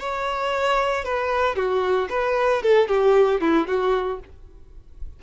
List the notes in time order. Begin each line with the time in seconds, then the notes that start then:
0.00 C#5
1.05 B4
1.56 F#4
2.10 B4
2.63 A4
2.89 G4
3.41 E4
3.67 F#4